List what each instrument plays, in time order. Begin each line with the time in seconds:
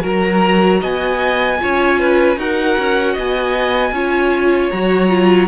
0.00 cello F#3, viola F#4, violin A#4
0.06 violin A#5
0.80 cello B3, violin D#5 G#5
1.59 cello C#4, viola F4, violin C#5
2.00 violin B4
2.36 cello D#4, viola F#4, violin A#4 F#5
2.78 cello C#4
3.13 cello B3, violin D#5 G#5
3.92 cello C#4, viola F4, violin C#5
4.70 cello F#3, viola F#4, violin A#5
5.09 viola F4